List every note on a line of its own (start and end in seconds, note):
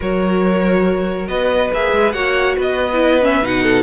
0.00 1.28 F#3
0.00 1.72 F#4
0.00 1.29 A#4
0.00 1.28 C#5
1.28 1.71 B3
1.28 2.14 B4
1.28 1.70 D#5
1.73 1.92 A#3
1.73 2.14 G#4
1.73 2.12 E5
1.92 2.13 G#3
2.12 2.56 A#3
2.12 2.89 F#4
2.12 2.56 C#5
2.12 2.55 F#5
2.56 3.42 B3
2.56 3.62 B4
2.56 3.24 D#5
2.93 3.22 E4
3.22 3.42 C#4
3.22 3.45 E5
3.42 3.83 B2
3.42 3.83 D#4
3.42 3.83 F#5
3.62 3.83 A4